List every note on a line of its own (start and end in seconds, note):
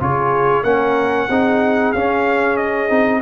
0.00 0.63 C#3
0.00 0.64 F4
0.00 0.63 G#4
0.00 0.63 C#5
0.63 1.28 A#3
0.63 1.28 C#4
0.63 1.28 A#4
0.63 1.92 F#5
1.28 1.93 C4
1.28 1.95 D#4
1.28 3.22 G#4
1.92 2.89 C#4
1.92 2.88 C#4
1.92 2.57 F5
2.57 3.21 D#5
2.88 3.22 C4
2.88 3.21 D#4